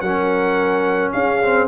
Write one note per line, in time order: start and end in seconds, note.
0.00 1.12 F#3
0.00 1.42 C#4
0.00 1.13 A#4
0.00 1.11 F#5
1.12 1.68 C#4
1.12 1.68 G#4
1.12 1.67 F5
1.43 1.68 C4